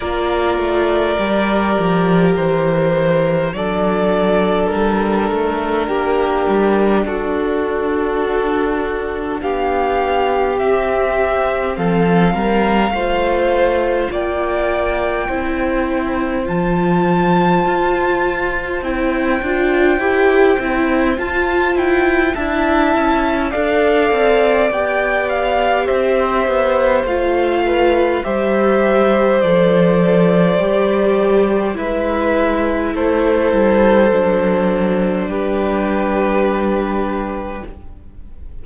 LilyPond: <<
  \new Staff \with { instrumentName = "violin" } { \time 4/4 \tempo 4 = 51 d''2 c''4 d''4 | ais'2 a'2 | f''4 e''4 f''2 | g''2 a''2 |
g''2 a''8 g''8 a''4 | f''4 g''8 f''8 e''4 f''4 | e''4 d''2 e''4 | c''2 b'2 | }
  \new Staff \with { instrumentName = "violin" } { \time 4/4 ais'2. a'4~ | a'4 g'4 fis'2 | g'2 a'8 ais'8 c''4 | d''4 c''2.~ |
c''2. e''4 | d''2 c''4. b'8 | c''2. b'4 | a'2 g'2 | }
  \new Staff \with { instrumentName = "viola" } { \time 4/4 f'4 g'2 d'4~ | d'1~ | d'4 c'2 f'4~ | f'4 e'4 f'2 |
e'8 f'8 g'8 e'8 f'4 e'4 | a'4 g'2 f'4 | g'4 a'4 g'4 e'4~ | e'4 d'2. | }
  \new Staff \with { instrumentName = "cello" } { \time 4/4 ais8 a8 g8 f8 e4 fis4 | g8 a8 ais8 g8 d'2 | b4 c'4 f8 g8 a4 | ais4 c'4 f4 f'4 |
c'8 d'8 e'8 c'8 f'8 e'8 d'8 cis'8 | d'8 c'8 b4 c'8 b8 a4 | g4 f4 g4 gis4 | a8 g8 fis4 g2 | }
>>